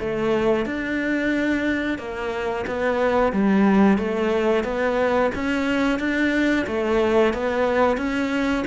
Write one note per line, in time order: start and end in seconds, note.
0.00 0.65 A3
0.65 1.98 D4
1.98 2.65 A#3
2.67 3.32 B3
3.32 3.98 G3
3.98 4.64 A3
4.64 5.31 B3
5.35 5.99 C#4
5.99 6.66 D4
6.67 7.34 A3
7.34 7.97 B3
7.97 8.64 C#4